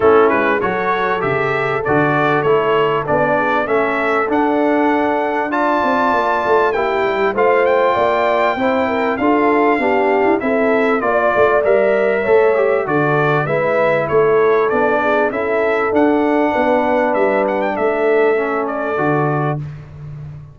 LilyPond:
<<
  \new Staff \with { instrumentName = "trumpet" } { \time 4/4 \tempo 4 = 98 a'8 b'8 cis''4 e''4 d''4 | cis''4 d''4 e''4 fis''4~ | fis''4 a''2 g''4 | f''8 g''2~ g''8 f''4~ |
f''4 e''4 d''4 e''4~ | e''4 d''4 e''4 cis''4 | d''4 e''4 fis''2 | e''8 fis''16 g''16 e''4. d''4. | }
  \new Staff \with { instrumentName = "horn" } { \time 4/4 e'4 a'2.~ | a'4. gis'8 a'2~ | a'4 d''2 g'4 | c''4 d''4 c''8 ais'8 a'4 |
g'4 a'4 d''2 | cis''4 a'4 b'4 a'4~ | a'8 gis'8 a'2 b'4~ | b'4 a'2. | }
  \new Staff \with { instrumentName = "trombone" } { \time 4/4 cis'4 fis'4 g'4 fis'4 | e'4 d'4 cis'4 d'4~ | d'4 f'2 e'4 | f'2 e'4 f'4 |
d'4 e'4 f'4 ais'4 | a'8 g'8 fis'4 e'2 | d'4 e'4 d'2~ | d'2 cis'4 fis'4 | }
  \new Staff \with { instrumentName = "tuba" } { \time 4/4 a8 gis8 fis4 cis4 d4 | a4 b4 a4 d'4~ | d'4. c'8 ais8 a8 ais8 g8 | a4 ais4 c'4 d'4 |
b8. e'16 c'4 ais8 a8 g4 | a4 d4 gis4 a4 | b4 cis'4 d'4 b4 | g4 a2 d4 | }
>>